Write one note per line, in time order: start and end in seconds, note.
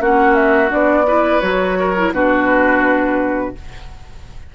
0.00 0.71 A#3
0.00 0.68 C#4
0.00 1.06 F#4
0.00 0.35 F#5
0.35 0.70 E5
0.68 1.41 B3
0.68 1.03 D4
0.68 1.40 D5
1.06 1.41 E4
1.06 1.78 B4
1.40 2.11 F#3
1.40 1.94 F#4
1.40 2.11 C#5
1.79 2.14 A#4
1.96 2.13 E4
2.11 3.52 B2
2.11 3.55 D4
2.11 3.55 F#4
2.11 3.55 B4